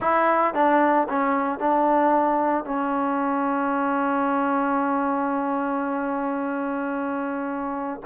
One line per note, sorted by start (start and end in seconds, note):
0.00 0.54 E4
0.54 1.07 D4
1.09 1.59 C#4
1.59 2.64 D4
2.64 8.00 C#4